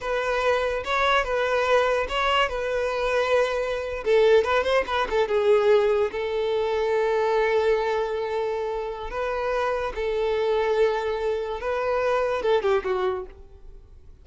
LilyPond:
\new Staff \with { instrumentName = "violin" } { \time 4/4 \tempo 4 = 145 b'2 cis''4 b'4~ | b'4 cis''4 b'2~ | b'4.~ b'16 a'4 b'8 c''8 b'16~ | b'16 a'8 gis'2 a'4~ a'16~ |
a'1~ | a'2 b'2 | a'1 | b'2 a'8 g'8 fis'4 | }